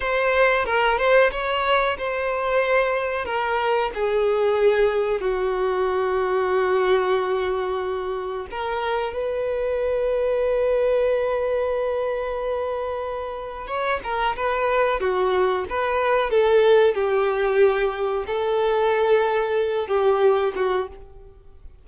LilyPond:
\new Staff \with { instrumentName = "violin" } { \time 4/4 \tempo 4 = 92 c''4 ais'8 c''8 cis''4 c''4~ | c''4 ais'4 gis'2 | fis'1~ | fis'4 ais'4 b'2~ |
b'1~ | b'4 cis''8 ais'8 b'4 fis'4 | b'4 a'4 g'2 | a'2~ a'8 g'4 fis'8 | }